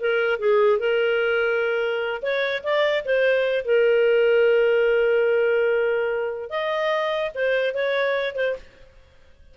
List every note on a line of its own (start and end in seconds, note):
0.00 0.39 A#4
0.39 0.79 G#4
0.79 2.22 A#4
2.22 2.63 C#5
2.63 3.04 D5
3.05 3.65 C5
3.65 6.50 A#4
6.50 7.31 D#5
7.35 7.74 C5
7.74 8.35 C#5
8.35 8.55 C5